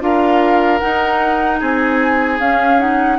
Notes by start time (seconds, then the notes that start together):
0.00 D4 F4 A#4 F5
0.79 D#4 F#5
1.59 C4 G#4 G#5
2.39 C#4 F5
2.79 D#4 F#5